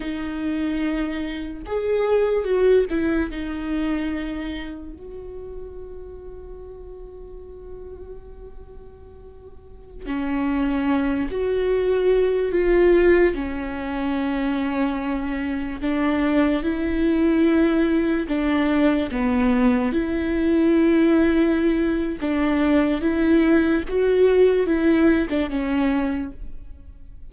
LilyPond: \new Staff \with { instrumentName = "viola" } { \time 4/4 \tempo 4 = 73 dis'2 gis'4 fis'8 e'8 | dis'2 fis'2~ | fis'1~ | fis'16 cis'4. fis'4. f'8.~ |
f'16 cis'2. d'8.~ | d'16 e'2 d'4 b8.~ | b16 e'2~ e'8. d'4 | e'4 fis'4 e'8. d'16 cis'4 | }